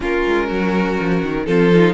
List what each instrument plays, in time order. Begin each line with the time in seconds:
0.00 cello A#3, viola C#4, violin F4 A#4
0.27 cello G#3
0.46 cello F#3, violin F#4
1.00 cello F3
1.22 cello D#3
1.45 cello F3, viola C4, violin F4 A4
1.74 viola D#4